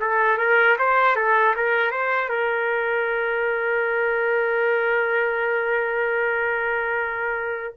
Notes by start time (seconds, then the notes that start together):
0.00 A4
0.38 A#4
0.78 C5
1.15 A4
1.55 A#4
1.91 C5
2.28 A#4